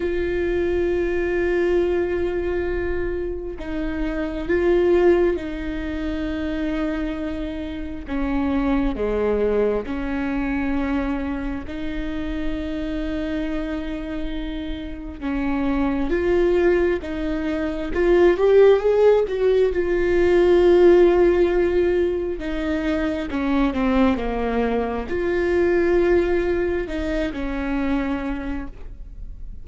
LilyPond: \new Staff \with { instrumentName = "viola" } { \time 4/4 \tempo 4 = 67 f'1 | dis'4 f'4 dis'2~ | dis'4 cis'4 gis4 cis'4~ | cis'4 dis'2.~ |
dis'4 cis'4 f'4 dis'4 | f'8 g'8 gis'8 fis'8 f'2~ | f'4 dis'4 cis'8 c'8 ais4 | f'2 dis'8 cis'4. | }